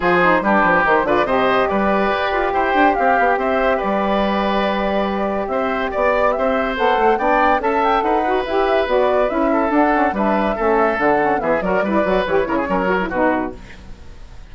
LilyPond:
<<
  \new Staff \with { instrumentName = "flute" } { \time 4/4 \tempo 4 = 142 c''4 b'4 c''8 d''8 dis''4 | d''2 g''4 f''4 | e''4 d''2.~ | d''4 e''4 d''4 e''4 |
fis''4 g''4 a''8 g''8 fis''4 | e''4 d''4 e''4 fis''4 | e''2 fis''4 e''8 d''8~ | d''4 cis''2 b'4 | }
  \new Staff \with { instrumentName = "oboe" } { \time 4/4 gis'4 g'4. b'8 c''4 | b'2 c''4 g'4 | c''4 b'2.~ | b'4 c''4 d''4 c''4~ |
c''4 d''4 e''4 b'4~ | b'2~ b'8 a'4. | b'4 a'2 gis'8 ais'8 | b'4. ais'16 gis'16 ais'4 fis'4 | }
  \new Staff \with { instrumentName = "saxophone" } { \time 4/4 f'8 dis'8 d'4 dis'8 f'8 g'4~ | g'1~ | g'1~ | g'1 |
a'4 d'4 a'4. fis'8 | g'4 fis'4 e'4 d'8 cis'8 | d'4 cis'4 d'8 cis'8 b8 fis'8 | e'8 fis'8 g'8 e'8 cis'8 fis'16 e'16 dis'4 | }
  \new Staff \with { instrumentName = "bassoon" } { \time 4/4 f4 g8 f8 dis8 d8 c4 | g4 g'8 f'8 e'8 d'8 c'8 b8 | c'4 g2.~ | g4 c'4 b4 c'4 |
b8 a8 b4 cis'4 dis'4 | e'4 b4 cis'4 d'4 | g4 a4 d4 e8 fis8 | g8 fis8 e8 cis8 fis4 b,4 | }
>>